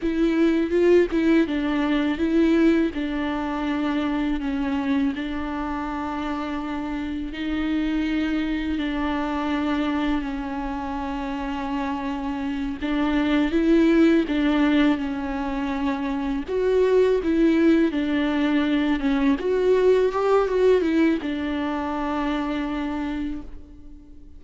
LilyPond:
\new Staff \with { instrumentName = "viola" } { \time 4/4 \tempo 4 = 82 e'4 f'8 e'8 d'4 e'4 | d'2 cis'4 d'4~ | d'2 dis'2 | d'2 cis'2~ |
cis'4. d'4 e'4 d'8~ | d'8 cis'2 fis'4 e'8~ | e'8 d'4. cis'8 fis'4 g'8 | fis'8 e'8 d'2. | }